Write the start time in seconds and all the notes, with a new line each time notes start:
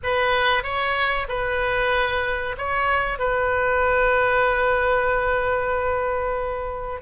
0.03 B4
0.63 C#5
1.28 B4
2.57 C#5
3.18 B4